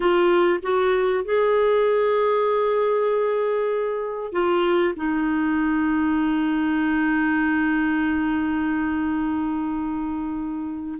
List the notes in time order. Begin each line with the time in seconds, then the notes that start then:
0.00 F4
0.62 F#4
1.24 G#4
4.32 F4
4.95 D#4